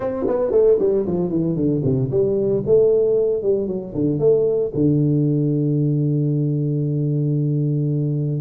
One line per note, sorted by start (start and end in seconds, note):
0.00 0.26 C4
0.27 0.51 B3
0.51 0.77 A3
0.79 1.05 G3
1.06 1.29 F3
1.29 1.56 E3
1.56 1.82 D3
1.84 2.10 C3
2.11 2.63 G3
2.66 3.42 A3
3.42 3.67 G3
3.67 3.93 F#3
3.94 4.19 D3
4.19 4.72 A3
4.74 8.41 D3